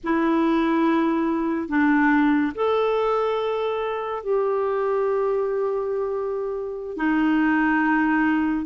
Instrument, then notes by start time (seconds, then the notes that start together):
clarinet
0.03 E4
1.68 D4
2.54 A4
4.23 G4
6.96 D#4